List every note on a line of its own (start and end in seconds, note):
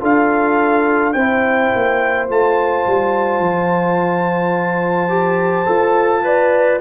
0.00 1.14 D4
0.00 1.13 F4
0.00 1.13 A4
0.00 1.12 F5
1.12 1.71 C4
1.12 2.28 E4
1.12 6.24 C5
1.12 2.26 G5
1.75 2.29 A#3
2.28 2.85 A3
2.28 5.08 F4
2.28 6.81 A5
2.86 3.39 G3
3.39 5.66 F3
5.08 5.65 G4
5.65 6.81 F4
5.65 6.22 A4
6.23 6.79 B4
6.23 6.81 D5